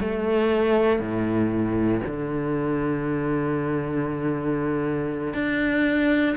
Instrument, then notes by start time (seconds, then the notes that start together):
cello
0.00 A3
0.99 A2
2.06 D3
5.33 D4